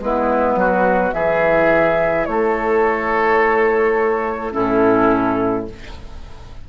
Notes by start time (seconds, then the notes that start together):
0.00 G#3 B3 E4 B4
0.56 F#3 F#4
1.13 E3 E4 G#4 E5
2.25 A3 A4 C#5
4.52 A2 C#4 E4 A4